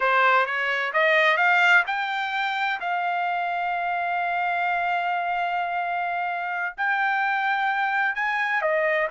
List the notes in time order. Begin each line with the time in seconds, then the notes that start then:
0.00 C5
0.45 C#5
0.93 D#5
1.37 F5
1.86 G5
2.80 F5
6.77 G5
8.15 G#5
8.61 D#5